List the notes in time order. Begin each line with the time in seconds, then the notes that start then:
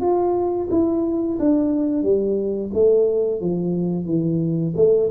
0.00 F4
0.70 E4
1.39 D4
2.02 G3
2.73 A3
3.41 F3
4.05 E3
4.76 A3